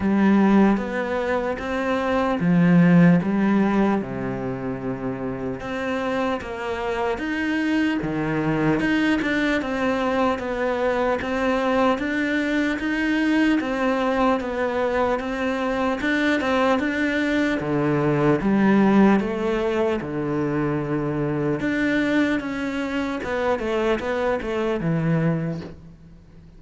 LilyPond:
\new Staff \with { instrumentName = "cello" } { \time 4/4 \tempo 4 = 75 g4 b4 c'4 f4 | g4 c2 c'4 | ais4 dis'4 dis4 dis'8 d'8 | c'4 b4 c'4 d'4 |
dis'4 c'4 b4 c'4 | d'8 c'8 d'4 d4 g4 | a4 d2 d'4 | cis'4 b8 a8 b8 a8 e4 | }